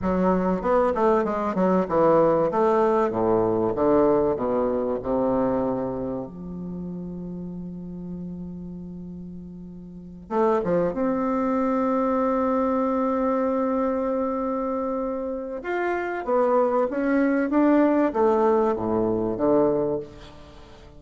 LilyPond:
\new Staff \with { instrumentName = "bassoon" } { \time 4/4 \tempo 4 = 96 fis4 b8 a8 gis8 fis8 e4 | a4 a,4 d4 b,4 | c2 f2~ | f1~ |
f8 a8 f8 c'2~ c'8~ | c'1~ | c'4 f'4 b4 cis'4 | d'4 a4 a,4 d4 | }